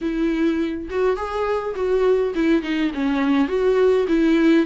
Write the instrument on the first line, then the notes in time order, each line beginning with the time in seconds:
viola
0.01 E4
0.89 F#4
1.16 G#4
1.75 F#4
2.34 E4
2.62 D#4
2.94 C#4
3.48 F#4
4.08 E4